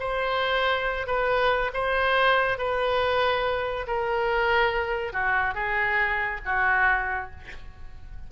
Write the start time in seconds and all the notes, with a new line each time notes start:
0.00 C5
1.08 B4
1.74 C5
2.58 B4
3.88 A#4
5.13 F#4
5.55 G#4
6.46 F#4